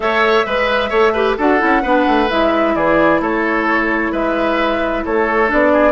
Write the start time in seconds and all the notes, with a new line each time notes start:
0.00 A3 A4 C#5 E5
0.46 G#3 B4
0.89 A3 A4 C#5
1.13 G4 B4
1.37 D4 F#4 A4 F#5
1.58 C#4 E4
1.82 B3 D4 B4
2.06 A3
2.28 G#3 E4 E5
2.75 E3 G#4 D5
3.20 A3 A4 C#5
4.11 G#3 B4 E5
5.05 A3 A4 C#5
5.47 B3 D4 D5
5.72 G#4